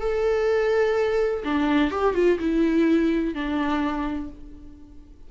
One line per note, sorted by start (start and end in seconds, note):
0.00 1.43 A4
1.44 1.90 D4
1.90 2.14 G4
2.14 2.38 F4
2.39 3.34 E4
3.34 4.29 D4